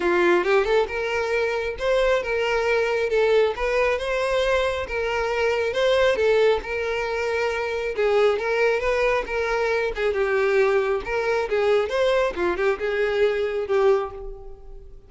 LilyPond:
\new Staff \with { instrumentName = "violin" } { \time 4/4 \tempo 4 = 136 f'4 g'8 a'8 ais'2 | c''4 ais'2 a'4 | b'4 c''2 ais'4~ | ais'4 c''4 a'4 ais'4~ |
ais'2 gis'4 ais'4 | b'4 ais'4. gis'8 g'4~ | g'4 ais'4 gis'4 c''4 | f'8 g'8 gis'2 g'4 | }